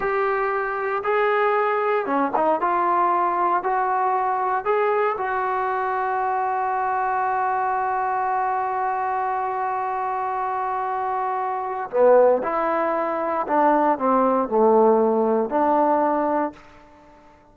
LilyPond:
\new Staff \with { instrumentName = "trombone" } { \time 4/4 \tempo 4 = 116 g'2 gis'2 | cis'8 dis'8 f'2 fis'4~ | fis'4 gis'4 fis'2~ | fis'1~ |
fis'1~ | fis'2. b4 | e'2 d'4 c'4 | a2 d'2 | }